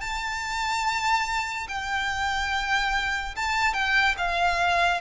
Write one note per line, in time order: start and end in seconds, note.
0.00 1.67 A5
1.68 3.35 G5
3.36 3.73 A5
3.73 4.15 G5
4.17 5.01 F5